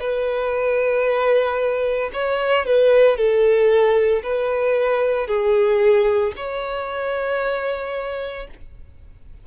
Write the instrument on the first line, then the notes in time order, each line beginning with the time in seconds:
violin
0.00 B4
2.13 C#5
2.66 B4
3.17 A4
4.23 B4
5.27 G#4
6.37 C#5